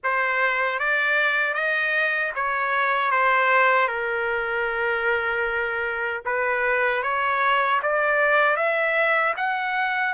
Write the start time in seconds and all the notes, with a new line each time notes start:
0.03 C5
0.79 D5
1.54 D#5
2.35 C#5
3.11 C5
3.87 A#4
6.25 B4
7.02 C#5
7.82 D5
8.56 E5
9.36 F#5